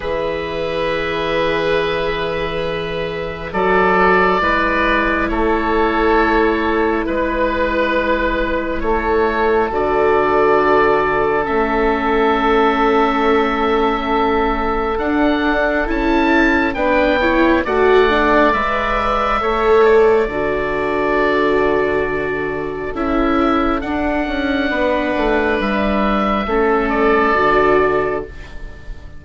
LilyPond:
<<
  \new Staff \with { instrumentName = "oboe" } { \time 4/4 \tempo 4 = 68 e''1 | d''2 cis''2 | b'2 cis''4 d''4~ | d''4 e''2.~ |
e''4 fis''4 a''4 g''4 | fis''4 e''4. d''4.~ | d''2 e''4 fis''4~ | fis''4 e''4. d''4. | }
  \new Staff \with { instrumentName = "oboe" } { \time 4/4 b'1 | a'4 b'4 a'2 | b'2 a'2~ | a'1~ |
a'2. b'8 cis''8 | d''2 cis''4 a'4~ | a'1 | b'2 a'2 | }
  \new Staff \with { instrumentName = "viola" } { \time 4/4 gis'1 | fis'4 e'2.~ | e'2. fis'4~ | fis'4 cis'2.~ |
cis'4 d'4 e'4 d'8 e'8 | fis'8 d'8 b'4 a'4 fis'4~ | fis'2 e'4 d'4~ | d'2 cis'4 fis'4 | }
  \new Staff \with { instrumentName = "bassoon" } { \time 4/4 e1 | fis4 gis4 a2 | gis2 a4 d4~ | d4 a2.~ |
a4 d'4 cis'4 b4 | a4 gis4 a4 d4~ | d2 cis'4 d'8 cis'8 | b8 a8 g4 a4 d4 | }
>>